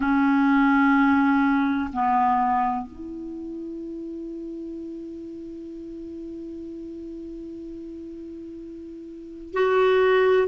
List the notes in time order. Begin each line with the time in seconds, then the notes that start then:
0.00 C#4
1.93 B3
2.86 E4
9.53 F#4